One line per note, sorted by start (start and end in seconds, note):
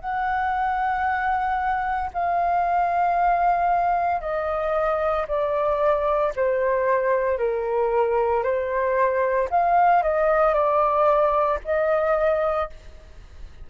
0.00 2.11 F#5
2.13 4.21 F5
4.21 5.26 D#5
5.27 6.33 D5
6.35 7.38 C5
7.38 8.43 A#4
8.43 9.48 C5
9.50 10.02 F5
10.02 10.54 D#5
10.54 11.59 D5
11.64 12.69 D#5